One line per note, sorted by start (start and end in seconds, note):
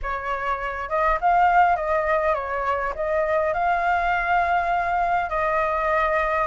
0.02 0.89 C#5
0.89 1.18 D#5
1.21 1.75 F5
1.75 2.34 D#5
2.34 2.93 C#5
2.95 3.53 D#5
3.53 5.29 F5
5.29 6.47 D#5